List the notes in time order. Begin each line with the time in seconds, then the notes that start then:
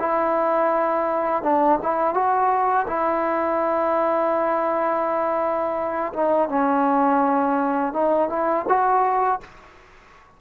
0.00 E4
1.43 D4
1.83 E4
2.14 F#4
2.88 E4
6.13 D#4
6.49 C#4
7.94 D#4
8.30 E4
8.69 F#4